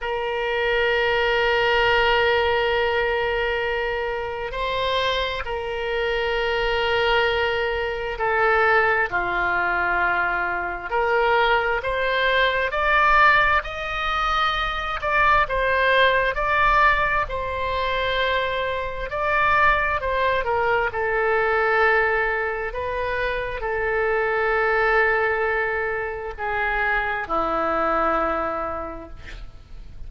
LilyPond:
\new Staff \with { instrumentName = "oboe" } { \time 4/4 \tempo 4 = 66 ais'1~ | ais'4 c''4 ais'2~ | ais'4 a'4 f'2 | ais'4 c''4 d''4 dis''4~ |
dis''8 d''8 c''4 d''4 c''4~ | c''4 d''4 c''8 ais'8 a'4~ | a'4 b'4 a'2~ | a'4 gis'4 e'2 | }